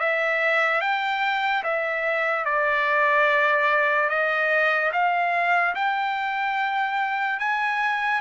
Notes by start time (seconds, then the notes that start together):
0.00 E5
0.81 G5
1.64 E5
2.45 D5
4.09 D#5
4.93 F5
5.75 G5
7.40 G#5